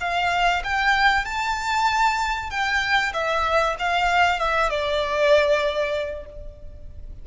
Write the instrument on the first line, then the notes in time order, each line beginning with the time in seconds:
violin
0.00 F5
0.64 G5
1.25 A5
2.50 G5
3.13 E5
3.79 F5
4.39 E5
4.70 D5